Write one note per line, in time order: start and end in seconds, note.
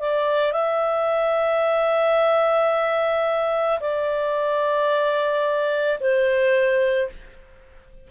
0.00 0.53 D5
0.53 3.80 E5
3.80 5.99 D5
6.00 7.10 C5